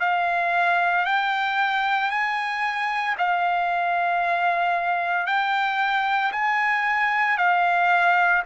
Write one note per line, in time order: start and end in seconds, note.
0.00 1.05 F5
1.05 2.11 G5
2.11 3.16 G#5
3.18 5.26 F5
5.26 6.32 G5
6.33 7.38 G#5
7.38 8.43 F5